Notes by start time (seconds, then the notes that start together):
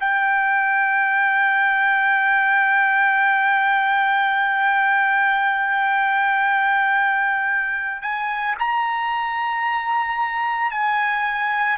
0.00 G5
8.02 G#5
8.59 A#5
10.71 G#5